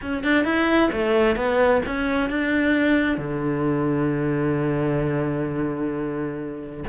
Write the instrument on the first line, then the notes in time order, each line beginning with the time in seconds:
cello
0.01 C#4
0.23 D4
0.44 E4
0.92 A3
1.36 B3
1.86 C#4
2.29 D4
3.17 D3